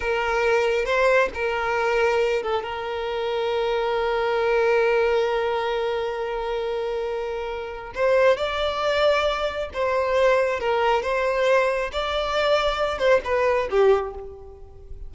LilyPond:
\new Staff \with { instrumentName = "violin" } { \time 4/4 \tempo 4 = 136 ais'2 c''4 ais'4~ | ais'4. a'8 ais'2~ | ais'1~ | ais'1~ |
ais'2 c''4 d''4~ | d''2 c''2 | ais'4 c''2 d''4~ | d''4. c''8 b'4 g'4 | }